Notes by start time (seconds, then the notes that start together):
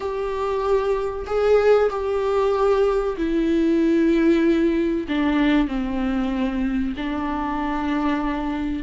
0.00 G4
1.26 G#4
1.90 G4
3.17 E4
5.08 D4
5.67 C4
6.96 D4